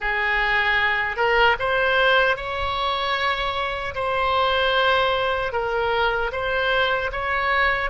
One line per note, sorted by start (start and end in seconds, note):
0.00 1.16 G#4
1.16 1.55 A#4
1.59 2.36 C5
2.36 3.94 C#5
3.95 5.52 C5
5.52 6.31 A#4
6.32 7.11 C5
7.12 7.90 C#5